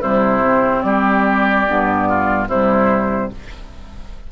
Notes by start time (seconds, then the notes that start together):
0.00 C3 G3 E4 C5
0.44 C4
0.82 G3 G4 D5
1.66 G2 B3
2.08 F4
2.48 C3 G3 E4 C5